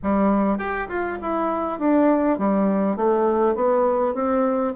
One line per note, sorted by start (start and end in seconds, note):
0.02 0.58 G3
0.58 0.87 G4
0.88 1.18 F4
1.21 1.79 E4
1.79 2.38 D4
2.38 2.96 G3
2.96 3.55 A3
3.55 4.14 B3
4.14 4.73 C4